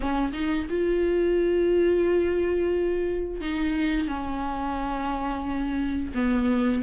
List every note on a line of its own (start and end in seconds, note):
0.00 0.32 C#4
0.32 0.67 D#4
0.69 3.40 F4
3.40 4.07 D#4
4.07 6.12 C#4
6.14 6.82 B3